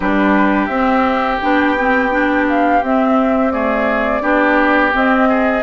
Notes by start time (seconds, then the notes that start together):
0.00 G3 D4 G4 B4
0.66 C4 E5
0.72 C4
1.41 B3 D4 G5
1.78 C4
2.10 D4
2.48 F5
2.82 C4 E5
3.51 A3 G#4 D5
4.21 B3 D4 G4
4.91 C4 D#5
5.28 G#4